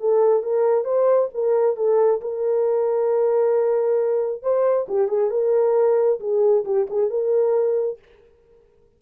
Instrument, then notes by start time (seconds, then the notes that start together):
horn
0.00 A4
0.43 A#4
0.84 C5
1.34 A#4
1.76 A4
2.21 A#4
4.42 C5
4.88 G4
5.08 G#4
5.31 A#4
6.20 G#4
6.65 G4
6.90 G#4
7.10 A#4